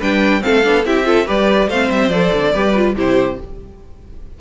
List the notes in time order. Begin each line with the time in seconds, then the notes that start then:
0.00 G3 D4 B4 G5
0.41 A3 C4 A4 F5
0.63 B3 D4
0.86 C4 E4 G4 E5
1.05 F4 A4
1.26 G3 G4 B4 D5
1.68 A3 C4 C5 F5
1.91 G3 E5
2.09 F3 A4 D5
2.34 D3
2.53 G3 G4 B4
2.75 F4
2.96 C3 E4 G4 C5